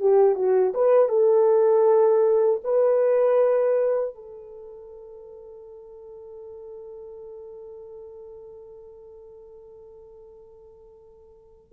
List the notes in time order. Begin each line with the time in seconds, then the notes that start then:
0.00 G4
0.36 F#4
0.74 B4
1.09 A4
2.64 B4
4.15 A4